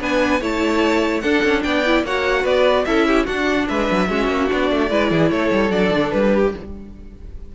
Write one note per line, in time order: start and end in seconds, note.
0.00 0.41 B3
0.00 0.41 D4
0.00 0.41 B4
0.00 0.43 G#5
0.41 1.23 A3
0.41 1.22 E4
0.41 1.22 C#5
0.41 1.21 A5
1.21 1.43 D4
1.21 1.85 D4
1.21 1.63 A4
1.21 1.61 F#5
1.44 1.64 C#4
1.63 2.03 B3
1.63 2.06 D5
1.63 2.04 G5
1.85 2.06 E4
2.03 2.44 A#3
2.03 2.86 F#4
2.03 2.42 C#5
2.03 2.46 F#5
2.42 2.85 B3
2.42 2.83 B4
2.42 2.85 D5
2.85 3.27 C#4
2.85 3.27 E4
2.85 3.07 A4
2.85 3.26 E5
3.07 3.25 G4
3.25 4.08 D4
3.25 3.68 D4
3.25 3.66 F#4
3.25 3.67 F#5
3.68 3.90 G#3
3.68 4.09 B4
3.68 4.50 E5
3.91 4.09 F#3
4.09 4.27 G#3
4.09 4.48 C#4
4.09 4.90 F#4
4.27 4.48 A#3
4.48 4.71 B3
4.48 4.89 D4
4.48 5.31 D5
4.71 4.90 A3
4.90 5.11 G#3
4.90 5.71 E4
4.90 5.10 B4
5.10 5.31 E3
5.10 5.31 G#4
5.31 5.51 A3
5.31 6.34 A4
5.31 5.71 C#5
5.51 5.71 G3
5.71 5.90 F#3
5.71 6.53 D4
5.71 6.11 D5
5.90 6.11 D3
6.11 6.54 G3
6.11 6.52 B4
6.35 6.55 G4